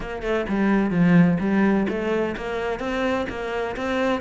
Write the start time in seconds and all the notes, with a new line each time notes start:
0.00 A#3
0.22 A3
0.48 G3
0.90 F3
1.40 G3
1.88 A3
2.36 A#3
2.79 C4
3.29 A#3
3.76 C4